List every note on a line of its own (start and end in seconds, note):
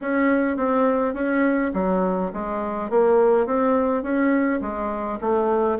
0.01 0.56 C#4
0.56 1.14 C4
1.14 1.72 C#4
1.73 2.31 F#3
2.33 2.90 G#3
2.90 3.46 A#3
3.46 4.02 C4
4.02 4.60 C#4
4.61 5.18 G#3
5.21 5.78 A3